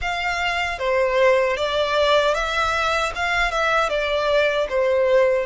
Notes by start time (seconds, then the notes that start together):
0.01 F5
0.79 C5
1.57 D5
2.34 E5
3.15 F5
3.51 E5
3.89 D5
4.69 C5